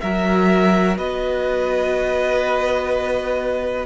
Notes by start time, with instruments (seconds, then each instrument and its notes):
0.00 cello F#3, viola F#4, violin A#4 E5
0.97 cello B3, violin B4 D#5